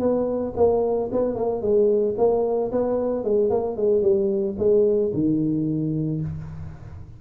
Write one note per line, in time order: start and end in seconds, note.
0.00 0.54 B3
0.57 1.10 A#3
1.12 1.36 B3
1.36 1.62 A#3
1.62 2.16 G#3
2.18 2.72 A#3
2.72 3.24 B3
3.24 3.50 G#3
3.50 3.77 A#3
3.77 4.02 G#3
4.02 4.56 G3
4.59 5.12 G#3
5.14 6.21 D#3